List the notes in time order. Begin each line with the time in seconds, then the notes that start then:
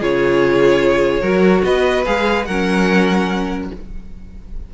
0.00 C#3 F4 G#4 C#5
1.21 F#3 F#4 A#4
1.64 B3 B4 D#5
2.05 G#3 G#4 F5
2.45 F#3 C#4 A#4 F#5